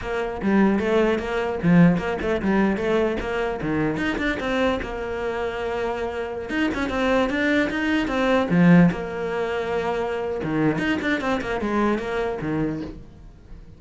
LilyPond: \new Staff \with { instrumentName = "cello" } { \time 4/4 \tempo 4 = 150 ais4 g4 a4 ais4 | f4 ais8 a8 g4 a4 | ais4 dis4 dis'8 d'8 c'4 | ais1~ |
ais16 dis'8 cis'8 c'4 d'4 dis'8.~ | dis'16 c'4 f4 ais4.~ ais16~ | ais2 dis4 dis'8 d'8 | c'8 ais8 gis4 ais4 dis4 | }